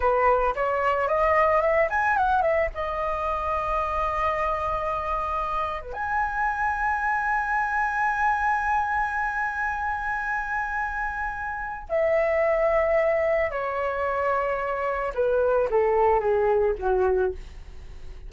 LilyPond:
\new Staff \with { instrumentName = "flute" } { \time 4/4 \tempo 4 = 111 b'4 cis''4 dis''4 e''8 gis''8 | fis''8 e''8 dis''2.~ | dis''2~ dis''8. b'16 gis''4~ | gis''1~ |
gis''1~ | gis''2 e''2~ | e''4 cis''2. | b'4 a'4 gis'4 fis'4 | }